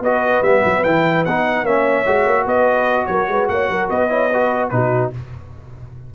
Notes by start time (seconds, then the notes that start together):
0.00 B3 F#4 B4 D#5
0.42 G3 B3 E5
0.65 F#3
0.84 E3 E4 G5
1.25 B3 D#4 F#5
1.62 A#3 C#4 C#5 E5
2.06 G#3 F#4
2.26 A#3
2.45 B3 B4 D#5
3.06 F#3 A#4 C#5
3.28 G#3 B4
3.48 A#3 C#5 F#5
3.69 F#3 A#4
3.90 B3 B4 D#5
4.09 E4 C#5
4.30 F#4 B4
4.69 B2 D#4 F#4 B4